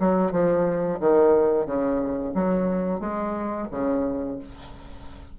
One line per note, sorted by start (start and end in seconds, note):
0.00 0.32 F#3
0.32 1.00 F3
1.01 1.66 D#3
1.66 2.34 C#3
2.35 3.00 F#3
3.00 3.68 G#3
3.72 4.39 C#3